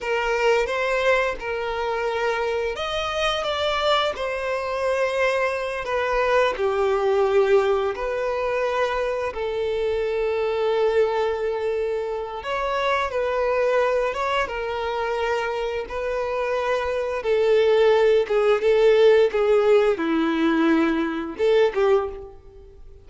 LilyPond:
\new Staff \with { instrumentName = "violin" } { \time 4/4 \tempo 4 = 87 ais'4 c''4 ais'2 | dis''4 d''4 c''2~ | c''8 b'4 g'2 b'8~ | b'4. a'2~ a'8~ |
a'2 cis''4 b'4~ | b'8 cis''8 ais'2 b'4~ | b'4 a'4. gis'8 a'4 | gis'4 e'2 a'8 g'8 | }